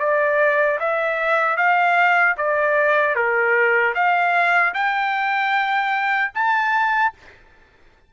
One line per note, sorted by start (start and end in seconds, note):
0.00 0.79 D5
0.80 1.57 E5
1.57 2.36 F5
2.37 3.15 D5
3.15 3.94 A#4
3.95 4.74 F5
4.74 6.32 G5
6.34 7.13 A5